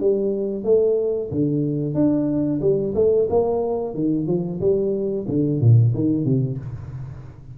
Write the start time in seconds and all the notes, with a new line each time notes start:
0.00 G3
0.64 A3
1.31 D3
1.94 D4
2.61 G3
2.95 A3
3.29 A#3
3.94 D#3
4.27 F3
4.60 G3
5.28 D3
5.60 A#2
5.94 D#3
6.25 C3